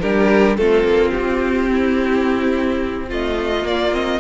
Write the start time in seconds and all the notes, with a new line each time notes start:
0.00 G3 D4 G4 A#4
0.57 A3 C4 F4 A4
0.84 A#3
1.11 C4 G4
1.71 E4
3.08 A3 F4 D#5
3.62 A#3 D5
3.93 C4 D#5